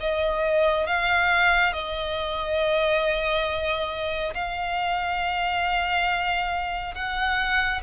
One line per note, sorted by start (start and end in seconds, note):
0.00 0.86 D#5
0.86 1.73 F5
1.73 4.34 D#5
4.34 6.94 F5
6.94 7.81 F#5